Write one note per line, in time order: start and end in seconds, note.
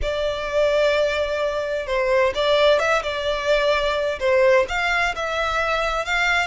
0.01 1.86 D5
1.86 2.33 C5
2.34 2.79 D5
2.79 3.02 E5
3.02 4.19 D5
4.19 4.66 C5
4.68 5.15 F5
5.15 6.05 E5
6.05 6.46 F5